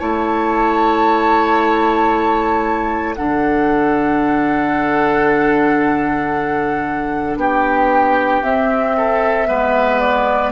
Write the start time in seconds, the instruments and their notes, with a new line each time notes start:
0.00 bassoon A3, clarinet E4, oboe C#5, flute A5
3.15 bassoon D3, clarinet D4, oboe A4, flute F#5
7.37 bassoon B3, oboe G4, flute G5
8.43 bassoon C4, clarinet C4, flute E5
8.98 oboe A4
9.48 bassoon G#3, clarinet B3, oboe B4
10.00 flute D5